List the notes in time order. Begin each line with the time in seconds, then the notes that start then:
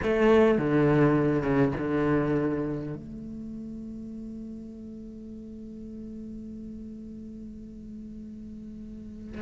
0.03 A3
0.57 D3
1.42 C#3
1.78 D3
2.95 A3